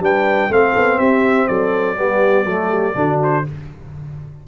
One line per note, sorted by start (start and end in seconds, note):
0.00 0.49 G3
0.00 0.50 D4
0.00 0.51 B4
0.00 0.53 G5
0.50 0.74 A3
0.50 1.96 C4
0.50 0.98 A4
0.50 0.99 F5
0.76 0.99 B3
0.98 1.48 C4
0.98 1.47 G4
0.98 1.47 E5
1.47 1.98 F#3
1.47 1.97 A4
1.47 3.19 D5
1.96 2.45 G3
1.96 2.45 B3
1.96 2.45 G4
2.45 2.94 F#3
2.45 2.95 A3
2.45 2.69 A4
2.69 2.94 G4
2.95 3.44 D3
2.95 3.44 D4
2.95 3.45 F#4
3.23 3.47 C5